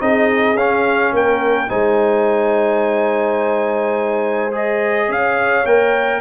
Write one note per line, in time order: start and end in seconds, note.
0.00 0.54 C4
0.00 0.57 D#4
0.00 1.14 G#4
0.00 0.57 D#5
0.54 1.11 C#4
0.54 1.69 C#4
0.54 1.14 F5
1.13 1.70 A#3
1.13 1.68 A#4
1.13 1.70 G5
1.68 5.08 G#3
1.68 4.52 D#4
1.68 5.08 C5
1.68 4.53 G#5
4.52 5.65 G#4
4.52 5.12 D#5
5.08 5.65 C#4
5.08 6.21 C#5
5.08 5.66 F5
5.66 6.21 A#3
5.66 6.21 A#4
5.66 6.21 G5